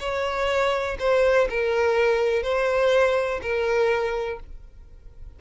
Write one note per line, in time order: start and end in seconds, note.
0.00 0.98 C#5
1.00 1.48 C5
1.50 2.43 A#4
2.43 3.41 C5
3.42 4.40 A#4